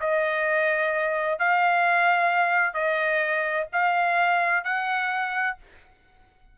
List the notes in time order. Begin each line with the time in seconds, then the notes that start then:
0.00 D#5
1.39 F5
2.74 D#5
3.73 F5
4.64 F#5